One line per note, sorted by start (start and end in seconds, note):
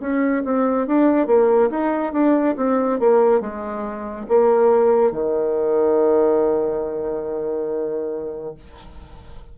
0.00 0.43 C#4
0.44 0.87 C4
0.87 1.27 D4
1.27 1.69 A#3
1.70 2.12 D#4
2.12 2.55 D4
2.56 2.99 C4
2.99 3.40 A#3
3.40 4.26 G#3
4.28 5.11 A#3
5.11 8.54 D#3